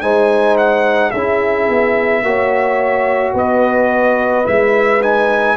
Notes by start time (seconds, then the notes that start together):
0.00 G#3 D#4 C5 G#5
0.57 F#5
1.10 C#4 G#4 E5
1.16 E4
1.69 B3
2.22 A#3 F#4 C#5
3.34 B3 B4 D#5
4.44 G#3 E4 E5
5.02 D#4 G#5